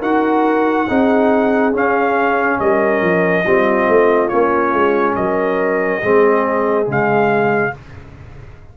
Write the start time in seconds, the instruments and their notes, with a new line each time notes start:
0.00 tuba D#4, trombone F#4, horn A#4, trumpet F#5
0.88 tuba C4, trombone D#4, horn G#4
1.73 trombone C#4, tuba C#4, trumpet F5
2.59 tuba G3, horn A#4, trumpet D#5
3.02 tuba F3
3.45 tuba G3, trombone C4, horn F4
3.88 tuba A3
4.29 tuba A#3, trombone C#4, trumpet C#5
4.73 tuba G#3
5.16 tuba F#3, horn A#4, trumpet D#5
6.02 tuba G#3, trombone C4, horn G#4
6.86 tuba C#3, trombone G#3, trumpet F5